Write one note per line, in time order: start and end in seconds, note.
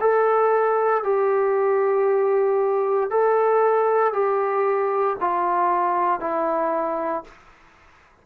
0.00 1.03 A4
1.03 3.10 G4
3.10 4.13 A4
4.13 5.17 G4
5.20 6.20 F4
6.20 7.24 E4